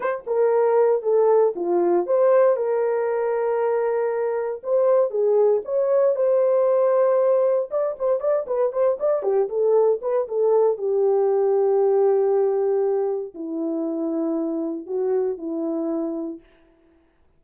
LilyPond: \new Staff \with { instrumentName = "horn" } { \time 4/4 \tempo 4 = 117 c''8 ais'4. a'4 f'4 | c''4 ais'2.~ | ais'4 c''4 gis'4 cis''4 | c''2. d''8 c''8 |
d''8 b'8 c''8 d''8 g'8 a'4 b'8 | a'4 g'2.~ | g'2 e'2~ | e'4 fis'4 e'2 | }